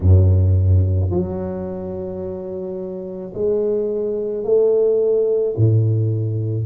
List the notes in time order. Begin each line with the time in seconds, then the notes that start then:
0.00 F#2
1.10 F#3
3.33 G#3
4.44 A3
5.56 A2